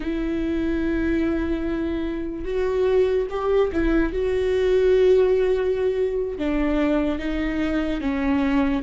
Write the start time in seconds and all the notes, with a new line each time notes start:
0.00 E4
2.44 F#4
3.30 G4
3.72 E4
4.12 F#4
6.38 D4
7.18 D#4
8.01 C#4